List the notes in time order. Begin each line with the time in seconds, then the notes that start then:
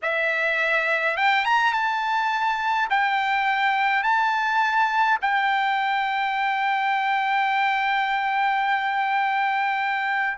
0.02 E5
1.17 G5
1.45 A#5
1.72 A5
2.90 G5
4.03 A5
5.21 G5